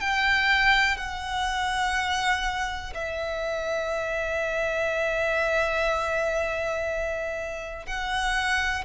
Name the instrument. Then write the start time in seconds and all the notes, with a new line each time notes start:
violin
0.00 G5
0.97 F#5
2.94 E5
7.86 F#5